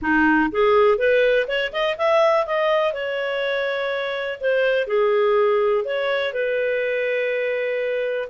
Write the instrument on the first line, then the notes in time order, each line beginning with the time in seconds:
clarinet
0.01 D#4
0.51 G#4
0.98 B4
1.47 C#5
1.72 D#5
1.97 E5
2.46 D#5
2.93 C#5
4.40 C5
4.87 G#4
5.84 C#5
6.33 B4